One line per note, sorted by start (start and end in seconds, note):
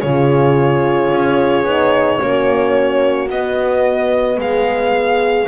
0.00 1.11 C#3
0.00 1.66 F4
0.00 2.18 G#4
0.00 3.28 C#5
1.11 1.64 C#4
1.64 2.18 B3
1.64 2.19 D#4
2.19 3.29 A#3
2.19 3.28 C#4
2.19 4.37 F#4
3.29 4.37 B3
3.29 5.48 B3
3.29 4.39 D#5
4.37 5.46 G#3
4.37 5.48 G#4
4.37 5.48 F5